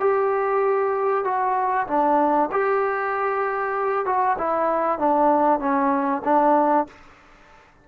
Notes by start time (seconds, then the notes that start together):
0.00 G4
1.25 F#4
1.88 D4
2.52 G4
4.06 F#4
4.38 E4
4.99 D4
5.60 C#4
6.25 D4